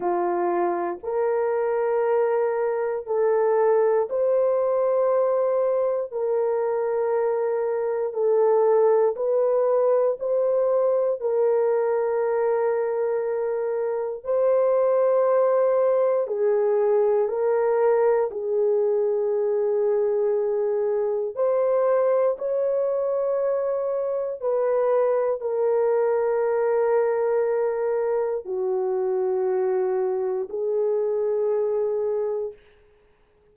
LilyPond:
\new Staff \with { instrumentName = "horn" } { \time 4/4 \tempo 4 = 59 f'4 ais'2 a'4 | c''2 ais'2 | a'4 b'4 c''4 ais'4~ | ais'2 c''2 |
gis'4 ais'4 gis'2~ | gis'4 c''4 cis''2 | b'4 ais'2. | fis'2 gis'2 | }